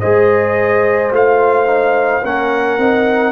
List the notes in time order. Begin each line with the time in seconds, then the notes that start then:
0.00 G#3 G#4 C5 D#5
1.10 A3 F4 F5
1.66 D#4
2.22 A#3 C#4 A#4 F#5
2.78 C4 D#4